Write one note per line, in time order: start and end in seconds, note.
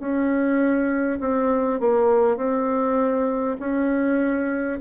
0.00 1.20 C#4
1.21 1.81 C4
1.81 2.37 A#3
2.37 3.57 C4
3.60 4.80 C#4